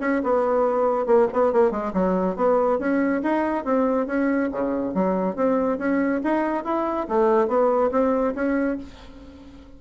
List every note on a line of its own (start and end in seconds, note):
0.00 0.21 C#4
0.23 1.06 B3
1.06 1.27 A#3
1.33 1.52 B3
1.52 1.71 A#3
1.71 1.92 G#3
1.93 2.36 F#3
2.36 2.79 B3
2.79 3.22 C#4
3.22 3.64 D#4
3.64 4.07 C4
4.07 4.49 C#4
4.51 4.94 C#3
4.94 5.36 F#3
5.36 5.78 C4
5.78 6.21 C#4
6.23 6.64 D#4
6.64 7.07 E4
7.08 7.47 A3
7.47 7.90 B3
7.91 8.34 C4
8.35 8.78 C#4